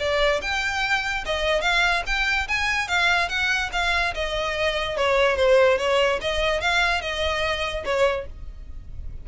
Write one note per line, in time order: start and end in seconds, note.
0.00 0.41 D5
0.42 1.25 G5
1.26 1.62 D#5
1.62 2.03 F5
2.07 2.48 G5
2.48 2.89 G#5
2.89 3.29 F5
3.29 3.71 F#5
3.73 4.14 F5
4.15 4.97 D#5
4.97 5.37 C#5
5.37 5.78 C5
5.79 6.20 C#5
6.22 6.62 D#5
6.62 7.02 F5
7.02 7.85 D#5
7.85 8.27 C#5